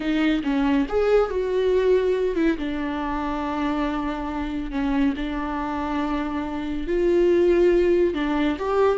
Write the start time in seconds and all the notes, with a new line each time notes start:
0.00 D#4
0.43 C#4
0.88 G#4
1.30 F#4
2.35 E4
2.57 D4
4.71 C#4
5.16 D4
6.87 F4
8.14 D4
8.58 G4